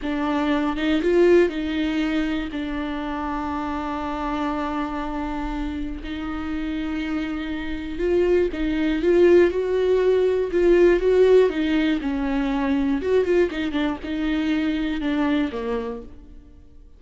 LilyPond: \new Staff \with { instrumentName = "viola" } { \time 4/4 \tempo 4 = 120 d'4. dis'8 f'4 dis'4~ | dis'4 d'2.~ | d'1 | dis'1 |
f'4 dis'4 f'4 fis'4~ | fis'4 f'4 fis'4 dis'4 | cis'2 fis'8 f'8 dis'8 d'8 | dis'2 d'4 ais4 | }